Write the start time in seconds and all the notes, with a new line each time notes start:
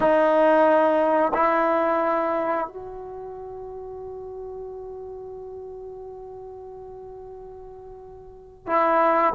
0.00 D#4
1.34 E4
2.67 F#4
8.67 E4